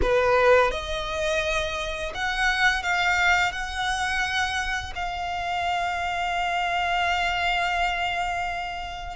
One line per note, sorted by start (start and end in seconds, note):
0.02 0.71 B4
0.71 2.12 D#5
2.14 2.82 F#5
2.82 3.51 F5
3.51 4.93 F#5
4.95 9.16 F5